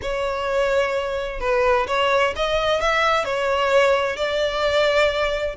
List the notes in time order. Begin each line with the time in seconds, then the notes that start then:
0.02 C#5
1.40 B4
1.87 C#5
2.36 D#5
2.81 E5
3.25 C#5
4.16 D5